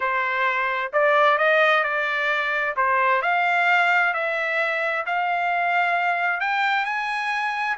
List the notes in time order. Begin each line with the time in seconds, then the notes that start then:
0.00 C5
0.92 D5
1.37 D#5
1.83 D5
2.76 C5
3.22 F5
4.13 E5
5.06 F5
6.40 G5
6.85 G#5